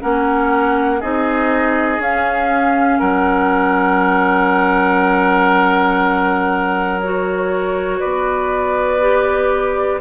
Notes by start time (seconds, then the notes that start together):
0.00 A#3 C#4 A#4 F#5
1.00 C4 D#4 G#4 D#5
1.98 C#4 F5
2.99 F#3 A#4 F#5
7.00 F#4 C#5
7.99 B3 B4 D5
9.00 G4